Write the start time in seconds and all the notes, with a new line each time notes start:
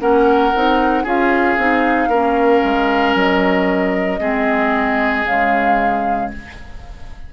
0.00 A#3 C#4 A#4 F#5
0.55 C4 D#4
1.04 C#4 F4 G#4 F5
1.57 C4 D#4
2.08 A#3 C#4 A#4
2.64 G#3
3.15 F#3 D#5
4.20 G#3 C4 G#4
5.25 C#3 G#3 F5